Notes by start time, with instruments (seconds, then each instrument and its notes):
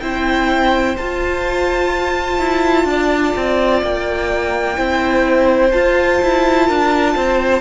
0.00 cello C4, viola E4, violin C5 G5
0.97 cello F4, viola F4, violin A5
2.38 cello E4
2.84 cello D4, violin D5
3.36 cello C4
3.82 cello A#3, violin G5
4.76 cello C4, viola E4, violin C5
5.71 viola F4, cello F4, violin A5
6.22 cello E4
6.66 cello D4, violin A#4
7.15 cello C4, violin C5